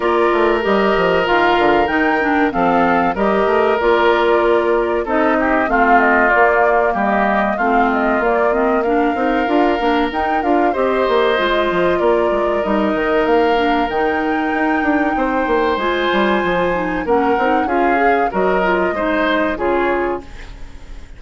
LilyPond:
<<
  \new Staff \with { instrumentName = "flute" } { \time 4/4 \tempo 4 = 95 d''4 dis''4 f''4 g''4 | f''4 dis''4 d''2 | dis''4 f''8 dis''8 d''4 dis''4 | f''8 dis''8 d''8 dis''8 f''2 |
g''8 f''8 dis''2 d''4 | dis''4 f''4 g''2~ | g''4 gis''2 fis''4 | f''4 dis''2 cis''4 | }
  \new Staff \with { instrumentName = "oboe" } { \time 4/4 ais'1 | a'4 ais'2. | a'8 g'8 f'2 g'4 | f'2 ais'2~ |
ais'4 c''2 ais'4~ | ais'1 | c''2. ais'4 | gis'4 ais'4 c''4 gis'4 | }
  \new Staff \with { instrumentName = "clarinet" } { \time 4/4 f'4 g'4 f'4 dis'8 d'8 | c'4 g'4 f'2 | dis'4 c'4 ais2 | c'4 ais8 c'8 d'8 dis'8 f'8 d'8 |
dis'8 f'8 g'4 f'2 | dis'4. d'8 dis'2~ | dis'4 f'4. dis'8 cis'8 dis'8 | f'8 gis'8 fis'8 f'8 dis'4 f'4 | }
  \new Staff \with { instrumentName = "bassoon" } { \time 4/4 ais8 a8 g8 f8 dis8 d8 dis4 | f4 g8 a8 ais2 | c'4 a4 ais4 g4 | a4 ais4. c'8 d'8 ais8 |
dis'8 d'8 c'8 ais8 gis8 f8 ais8 gis8 | g8 dis8 ais4 dis4 dis'8 d'8 | c'8 ais8 gis8 g8 f4 ais8 c'8 | cis'4 fis4 gis4 cis4 | }
>>